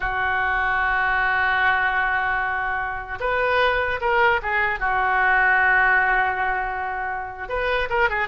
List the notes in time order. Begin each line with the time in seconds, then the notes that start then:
0.00 F#4
3.20 B4
4.00 A#4
4.42 G#4
4.79 F#4
7.49 B4
7.89 A#4
8.09 G#4